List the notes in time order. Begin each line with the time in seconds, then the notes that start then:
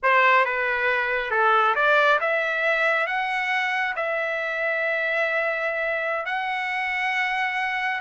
0.03 C5
0.45 B4
1.31 A4
1.75 D5
2.20 E5
3.07 F#5
3.96 E5
6.25 F#5